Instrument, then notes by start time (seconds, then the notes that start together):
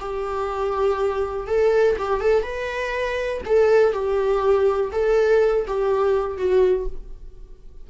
viola
0.00 G4
1.48 A4
1.99 G4
2.21 A4
2.43 B4
3.46 A4
3.93 G4
4.92 A4
5.68 G4
6.38 F#4